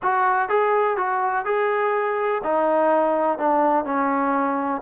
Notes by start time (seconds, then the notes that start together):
0.02 F#4
0.49 G#4
0.97 F#4
1.45 G#4
2.43 D#4
3.38 D4
3.84 C#4